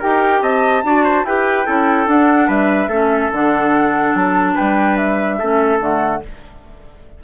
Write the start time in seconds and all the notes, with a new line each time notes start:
0.00 D#4 G4 A#4 G5
0.42 C4 D#5 A5
0.84 D4 F#4 D5
1.05 C5
1.25 E4 G4 B4 G5
1.66 C#4 E4 A4
2.07 D4 F#5
2.48 G3 B4 E5
2.88 A3 C#4 A4
3.32 D3 D4 F#5
4.15 F#3 A5
4.55 G3 B4 G5
4.97 E5
5.40 A3 C#4 A4
5.80 D3 A3 F#5